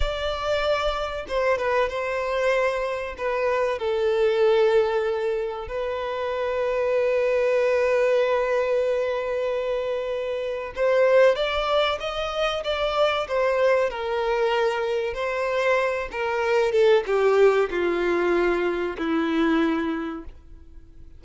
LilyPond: \new Staff \with { instrumentName = "violin" } { \time 4/4 \tempo 4 = 95 d''2 c''8 b'8 c''4~ | c''4 b'4 a'2~ | a'4 b'2.~ | b'1~ |
b'4 c''4 d''4 dis''4 | d''4 c''4 ais'2 | c''4. ais'4 a'8 g'4 | f'2 e'2 | }